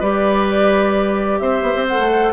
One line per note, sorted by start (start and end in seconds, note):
0.00 1.41 G3
0.00 1.89 G4
0.00 1.40 B4
0.00 1.39 D5
1.39 1.63 C4
1.39 2.33 C5
1.39 1.86 E5
1.63 1.74 B3
1.76 1.99 C4
1.88 2.33 A4
1.88 2.33 F#5
1.99 2.33 A3